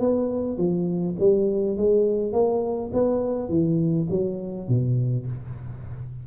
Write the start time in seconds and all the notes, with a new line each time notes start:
0.00 B3
0.58 F3
1.20 G3
1.77 G#3
2.33 A#3
2.93 B3
3.49 E3
4.10 F#3
4.68 B2